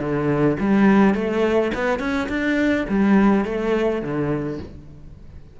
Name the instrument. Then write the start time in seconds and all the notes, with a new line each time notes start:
cello
0.00 D3
0.60 G3
1.15 A3
1.75 B3
1.99 C#4
2.29 D4
2.89 G3
3.45 A3
4.02 D3